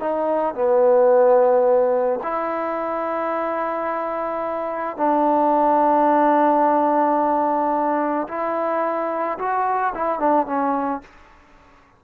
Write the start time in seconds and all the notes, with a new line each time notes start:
0.00 D#4
0.55 B3
2.23 E4
4.97 D4
8.28 E4
9.39 F#4
9.95 E4
10.19 D4
10.46 C#4